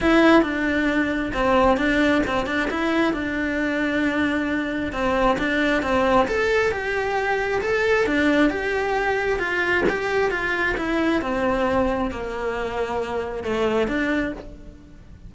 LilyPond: \new Staff \with { instrumentName = "cello" } { \time 4/4 \tempo 4 = 134 e'4 d'2 c'4 | d'4 c'8 d'8 e'4 d'4~ | d'2. c'4 | d'4 c'4 a'4 g'4~ |
g'4 a'4 d'4 g'4~ | g'4 f'4 g'4 f'4 | e'4 c'2 ais4~ | ais2 a4 d'4 | }